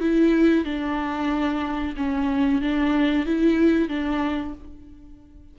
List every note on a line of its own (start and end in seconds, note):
0.00 0.64 E4
0.64 1.94 D4
1.96 2.61 C#4
2.61 3.25 D4
3.25 3.88 E4
3.88 4.53 D4